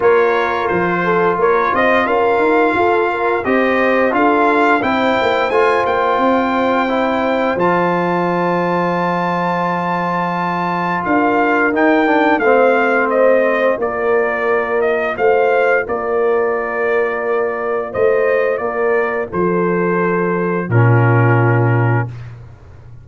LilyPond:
<<
  \new Staff \with { instrumentName = "trumpet" } { \time 4/4 \tempo 4 = 87 cis''4 c''4 cis''8 dis''8 f''4~ | f''4 dis''4 f''4 g''4 | gis''8 g''2~ g''8 a''4~ | a''1 |
f''4 g''4 f''4 dis''4 | d''4. dis''8 f''4 d''4~ | d''2 dis''4 d''4 | c''2 ais'2 | }
  \new Staff \with { instrumentName = "horn" } { \time 4/4 ais'4. a'8 ais'8 c''8 ais'4 | a'8 ais'8 c''4 a'4 c''4~ | c''1~ | c''1 |
ais'2 c''2 | ais'2 c''4 ais'4~ | ais'2 c''4 ais'4 | a'2 f'2 | }
  \new Staff \with { instrumentName = "trombone" } { \time 4/4 f'1~ | f'4 g'4 f'4 e'4 | f'2 e'4 f'4~ | f'1~ |
f'4 dis'8 d'8 c'2 | f'1~ | f'1~ | f'2 cis'2 | }
  \new Staff \with { instrumentName = "tuba" } { \time 4/4 ais4 f4 ais8 c'8 cis'8 dis'8 | f'4 c'4 d'4 c'8 ais8 | a8 ais8 c'2 f4~ | f1 |
d'4 dis'4 a2 | ais2 a4 ais4~ | ais2 a4 ais4 | f2 ais,2 | }
>>